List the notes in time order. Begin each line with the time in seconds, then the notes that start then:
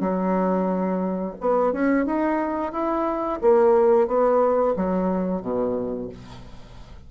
0.00 F#3
1.40 B3
1.72 C#4
2.05 D#4
2.72 E4
3.41 A#3
4.07 B3
4.76 F#3
5.41 B2